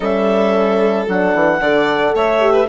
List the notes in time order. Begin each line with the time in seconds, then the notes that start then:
0.00 G3 C#4 A4 E5
1.07 F#3 D4 F#5
1.34 E3
1.59 D3 A4 D5
2.14 A3 C#5 E5
2.40 G4
2.52 B4